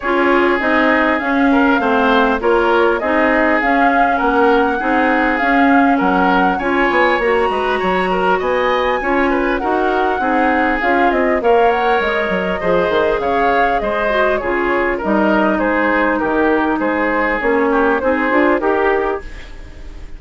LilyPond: <<
  \new Staff \with { instrumentName = "flute" } { \time 4/4 \tempo 4 = 100 cis''4 dis''4 f''2 | cis''4 dis''4 f''4 fis''4~ | fis''4 f''4 fis''4 gis''4 | ais''2 gis''2 |
fis''2 f''8 dis''8 f''8 fis''8 | dis''2 f''4 dis''4 | cis''4 dis''4 c''4 ais'4 | c''4 cis''4 c''4 ais'4 | }
  \new Staff \with { instrumentName = "oboe" } { \time 4/4 gis'2~ gis'8 ais'8 c''4 | ais'4 gis'2 ais'4 | gis'2 ais'4 cis''4~ | cis''8 b'8 cis''8 ais'8 dis''4 cis''8 b'8 |
ais'4 gis'2 cis''4~ | cis''4 c''4 cis''4 c''4 | gis'4 ais'4 gis'4 g'4 | gis'4. g'8 gis'4 g'4 | }
  \new Staff \with { instrumentName = "clarinet" } { \time 4/4 f'4 dis'4 cis'4 c'4 | f'4 dis'4 cis'2 | dis'4 cis'2 f'4 | fis'2. f'4 |
fis'4 dis'4 f'4 ais'4~ | ais'4 gis'2~ gis'8 fis'8 | f'4 dis'2.~ | dis'4 cis'4 dis'8 f'8 g'4 | }
  \new Staff \with { instrumentName = "bassoon" } { \time 4/4 cis'4 c'4 cis'4 a4 | ais4 c'4 cis'4 ais4 | c'4 cis'4 fis4 cis'8 b8 | ais8 gis8 fis4 b4 cis'4 |
dis'4 c'4 cis'8 c'8 ais4 | gis8 fis8 f8 dis8 cis4 gis4 | cis4 g4 gis4 dis4 | gis4 ais4 c'8 d'8 dis'4 | }
>>